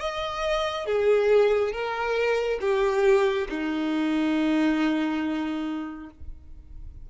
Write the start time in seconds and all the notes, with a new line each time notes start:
0.00 D#5
0.86 G#4
1.72 A#4
2.61 G4
3.49 D#4